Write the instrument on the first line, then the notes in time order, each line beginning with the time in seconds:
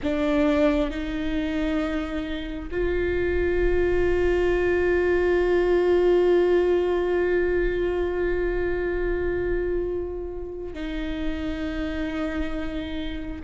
viola
0.02 D4
0.90 D#4
2.71 F4
10.73 D#4